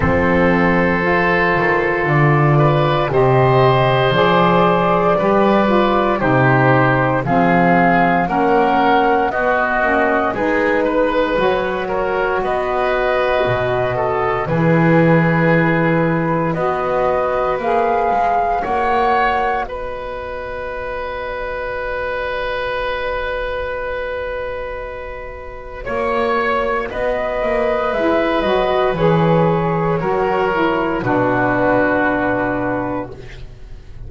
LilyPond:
<<
  \new Staff \with { instrumentName = "flute" } { \time 4/4 \tempo 4 = 58 c''2 d''4 dis''4 | d''2 c''4 f''4 | fis''4 dis''4 b'4 cis''4 | dis''2 b'2 |
dis''4 f''4 fis''4 dis''4~ | dis''1~ | dis''4 cis''4 dis''4 e''8 dis''8 | cis''2 b'2 | }
  \new Staff \with { instrumentName = "oboe" } { \time 4/4 a'2~ a'8 b'8 c''4~ | c''4 b'4 g'4 gis'4 | ais'4 fis'4 gis'8 b'4 ais'8 | b'4. a'8 gis'2 |
b'2 cis''4 b'4~ | b'1~ | b'4 cis''4 b'2~ | b'4 ais'4 fis'2 | }
  \new Staff \with { instrumentName = "saxophone" } { \time 4/4 c'4 f'2 g'4 | gis'4 g'8 f'8 dis'4 c'4 | cis'4 b8 cis'8 dis'4 fis'4~ | fis'2 e'2 |
fis'4 gis'4 fis'2~ | fis'1~ | fis'2. e'8 fis'8 | gis'4 fis'8 e'8 d'2 | }
  \new Staff \with { instrumentName = "double bass" } { \time 4/4 f4. dis8 d4 c4 | f4 g4 c4 f4 | ais4 b8 ais8 gis4 fis4 | b4 b,4 e2 |
b4 ais8 gis8 ais4 b4~ | b1~ | b4 ais4 b8 ais8 gis8 fis8 | e4 fis4 b,2 | }
>>